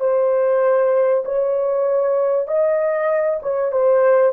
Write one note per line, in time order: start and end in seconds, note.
0.00 1.24 C5
1.25 2.47 C#5
2.47 3.40 D#5
3.42 3.72 C#5
3.72 4.32 C5